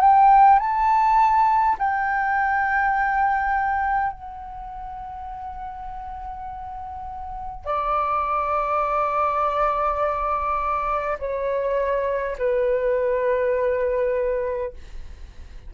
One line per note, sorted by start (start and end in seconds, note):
0.00 0.59 G5
0.59 1.76 A5
1.78 4.12 G5
4.12 7.65 F#5
7.65 11.18 D5
11.19 12.36 C#5
12.38 14.73 B4